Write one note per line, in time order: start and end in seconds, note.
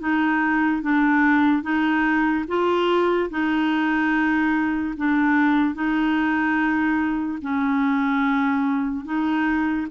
0.00 0.82 D#4
0.82 1.63 D4
1.63 2.45 D#4
2.48 3.30 F4
3.30 4.95 D#4
4.97 5.75 D4
5.75 7.39 D#4
7.42 9.05 C#4
9.05 9.87 D#4